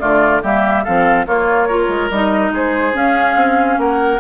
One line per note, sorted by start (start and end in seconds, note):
0.00 0.43 D3
0.00 0.42 A3
0.00 0.43 F4
0.00 0.42 D5
0.43 0.85 G3
0.43 0.86 A#3
0.43 0.84 G4
0.43 0.85 E5
0.84 1.27 F3
0.84 1.26 C4
0.84 1.26 A4
0.84 1.26 F5
1.26 1.68 A#3
1.26 1.89 A#3
1.26 1.68 F4
1.26 2.11 C#5
1.68 2.11 F4
1.68 2.52 A#4
1.89 2.10 G#3
2.11 2.51 G3
2.11 2.93 D#4
2.11 2.53 D#5
2.51 2.93 G#3
2.51 3.80 G#4
2.51 2.97 C5
2.93 4.19 C#4
2.93 3.36 C#4
2.93 3.80 F5
3.36 3.78 C4
3.78 4.20 A#3
3.78 4.21 A#4
3.78 4.21 F#5